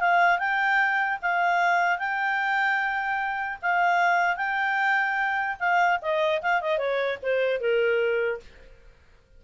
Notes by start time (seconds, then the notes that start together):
0.00 F5
0.39 G5
1.22 F5
1.99 G5
3.62 F5
4.37 G5
5.60 F5
6.02 D#5
6.42 F5
6.61 D#5
6.78 C#5
7.23 C5
7.61 A#4